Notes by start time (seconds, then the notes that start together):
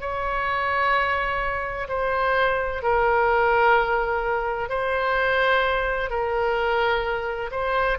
0.00 C#5
1.88 C5
2.82 A#4
4.69 C5
6.09 A#4
7.51 C5